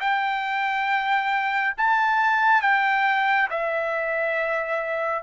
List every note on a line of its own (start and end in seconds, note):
0.00 1.74 G5
1.77 2.62 A5
2.62 3.49 G5
3.50 5.23 E5